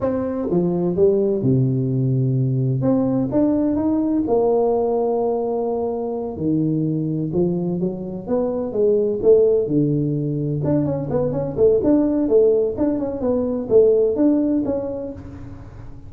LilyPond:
\new Staff \with { instrumentName = "tuba" } { \time 4/4 \tempo 4 = 127 c'4 f4 g4 c4~ | c2 c'4 d'4 | dis'4 ais2.~ | ais4. dis2 f8~ |
f8 fis4 b4 gis4 a8~ | a8 d2 d'8 cis'8 b8 | cis'8 a8 d'4 a4 d'8 cis'8 | b4 a4 d'4 cis'4 | }